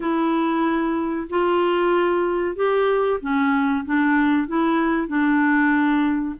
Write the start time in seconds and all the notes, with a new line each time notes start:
0.00 E4
1.29 F4
2.56 G4
3.21 C#4
3.85 D4
4.47 E4
5.07 D4